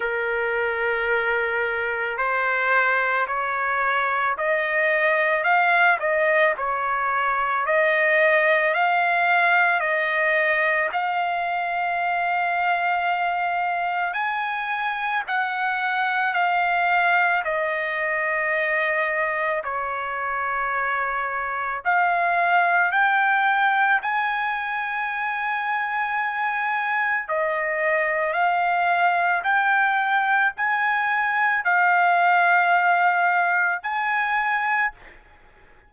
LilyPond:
\new Staff \with { instrumentName = "trumpet" } { \time 4/4 \tempo 4 = 55 ais'2 c''4 cis''4 | dis''4 f''8 dis''8 cis''4 dis''4 | f''4 dis''4 f''2~ | f''4 gis''4 fis''4 f''4 |
dis''2 cis''2 | f''4 g''4 gis''2~ | gis''4 dis''4 f''4 g''4 | gis''4 f''2 gis''4 | }